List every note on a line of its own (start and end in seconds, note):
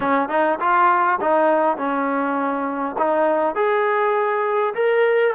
0.00 0.29 C#4
0.29 0.58 D#4
0.59 1.19 F4
1.20 1.77 D#4
1.77 2.96 C#4
2.98 3.55 D#4
3.55 4.74 G#4
4.74 5.34 A#4